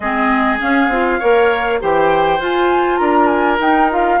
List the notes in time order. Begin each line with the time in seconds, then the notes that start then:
0.00 G#3 C4 G#4 D#5
0.59 C#4 F5
0.88 C4 F4
1.19 A#3 A#4 C#5
1.80 E3 G4 C5 G5
2.39 F4 G#5
2.96 D4 A#4 A#5
3.26 G#5
3.59 D#4 G5
3.90 F4 F5